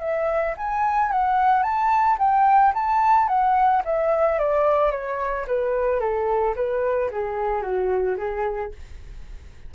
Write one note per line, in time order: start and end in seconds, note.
0.00 0.55 E5
0.57 1.12 G#5
1.12 1.63 F#5
1.63 2.17 A5
2.18 2.73 G5
2.74 3.28 A5
3.28 3.82 F#5
3.85 4.39 E5
4.39 4.91 D5
4.91 5.46 C#5
5.47 6.00 B4
6.00 6.55 A4
6.56 7.10 B4
7.11 7.62 G#4
7.62 8.16 F#4
8.17 8.71 G#4